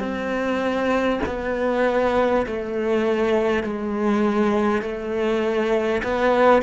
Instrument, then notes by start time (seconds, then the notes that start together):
cello
0.00 C4
1.27 B3
2.47 A3
3.64 G#3
4.83 A3
6.04 B3